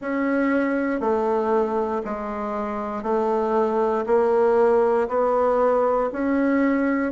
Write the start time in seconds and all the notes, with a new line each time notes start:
0.01 C#4
1.00 A3
2.04 G#3
3.02 A3
4.06 A#3
5.08 B3
6.12 C#4